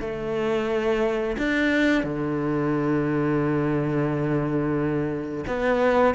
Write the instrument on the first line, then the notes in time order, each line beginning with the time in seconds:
cello
0.00 A3
1.38 D4
2.03 D3
5.47 B3